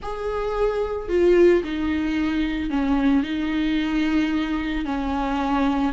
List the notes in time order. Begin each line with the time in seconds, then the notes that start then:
0.02 G#4
1.08 F4
1.63 D#4
2.70 C#4
3.23 D#4
4.85 C#4